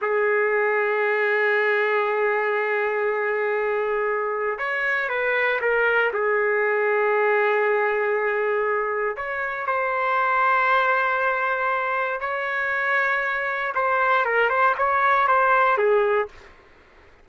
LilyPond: \new Staff \with { instrumentName = "trumpet" } { \time 4/4 \tempo 4 = 118 gis'1~ | gis'1~ | gis'4 cis''4 b'4 ais'4 | gis'1~ |
gis'2 cis''4 c''4~ | c''1 | cis''2. c''4 | ais'8 c''8 cis''4 c''4 gis'4 | }